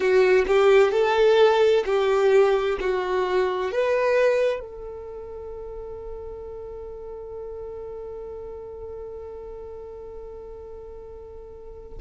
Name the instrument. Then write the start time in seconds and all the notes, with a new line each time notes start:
violin
0.00 F#4
0.46 G4
0.91 A4
1.85 G4
2.80 F#4
3.71 B4
4.59 A4